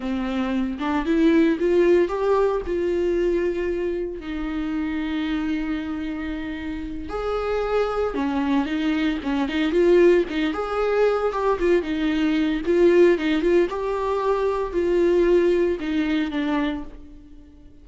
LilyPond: \new Staff \with { instrumentName = "viola" } { \time 4/4 \tempo 4 = 114 c'4. d'8 e'4 f'4 | g'4 f'2. | dis'1~ | dis'4. gis'2 cis'8~ |
cis'8 dis'4 cis'8 dis'8 f'4 dis'8 | gis'4. g'8 f'8 dis'4. | f'4 dis'8 f'8 g'2 | f'2 dis'4 d'4 | }